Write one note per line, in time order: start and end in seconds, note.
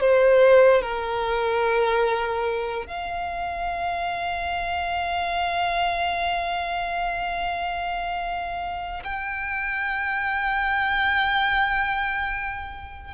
0.00 0.82 C5
0.82 2.86 A#4
2.86 9.03 F5
9.04 13.14 G5